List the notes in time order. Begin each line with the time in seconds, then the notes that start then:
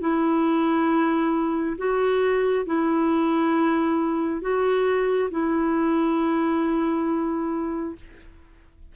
0.00 E4
1.77 F#4
2.65 E4
4.41 F#4
5.30 E4